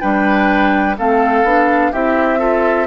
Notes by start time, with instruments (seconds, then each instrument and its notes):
0.00 bassoon G3, clarinet D4, oboe B4, flute G5
0.97 bassoon A3, clarinet C4, oboe A4, flute F5
1.43 bassoon B3, clarinet D4
1.91 bassoon C4, clarinet E4, oboe G4, flute E5
2.38 clarinet F4, oboe A4